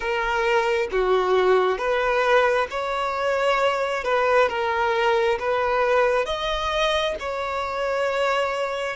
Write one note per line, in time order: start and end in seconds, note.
0.00 0.88 A#4
0.91 1.77 F#4
1.77 2.67 B4
2.70 4.04 C#5
4.04 4.48 B4
4.48 5.38 A#4
5.39 6.25 B4
6.25 7.15 D#5
7.19 8.96 C#5